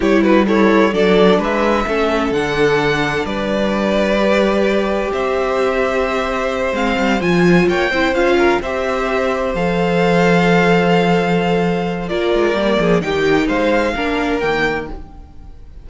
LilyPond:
<<
  \new Staff \with { instrumentName = "violin" } { \time 4/4 \tempo 4 = 129 cis''8 b'8 cis''4 d''4 e''4~ | e''4 fis''2 d''4~ | d''2. e''4~ | e''2~ e''8 f''4 gis''8~ |
gis''8 g''4 f''4 e''4.~ | e''8 f''2.~ f''8~ | f''2 d''2 | g''4 f''2 g''4 | }
  \new Staff \with { instrumentName = "violin" } { \time 4/4 g'8 fis'8 e'4 a'4 b'4 | a'2. b'4~ | b'2. c''4~ | c''1~ |
c''8 cis''8 c''4 ais'8 c''4.~ | c''1~ | c''2 ais'4. gis'8 | g'4 c''4 ais'2 | }
  \new Staff \with { instrumentName = "viola" } { \time 4/4 e'4 a'4 d'2 | cis'4 d'2.~ | d'4 g'2.~ | g'2~ g'8 c'4 f'8~ |
f'4 e'8 f'4 g'4.~ | g'8 a'2.~ a'8~ | a'2 f'4 ais4 | dis'2 d'4 ais4 | }
  \new Staff \with { instrumentName = "cello" } { \time 4/4 g2 fis4 gis4 | a4 d2 g4~ | g2. c'4~ | c'2~ c'8 gis8 g8 f8~ |
f8 ais8 c'8 cis'4 c'4.~ | c'8 f2.~ f8~ | f2 ais8 gis8 g8 f8 | dis4 gis4 ais4 dis4 | }
>>